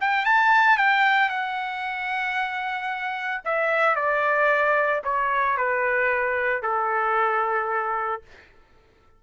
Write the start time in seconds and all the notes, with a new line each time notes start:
0.00 G5
0.25 A5
0.77 G5
1.29 F#5
3.44 E5
3.95 D5
5.04 C#5
5.57 B4
6.62 A4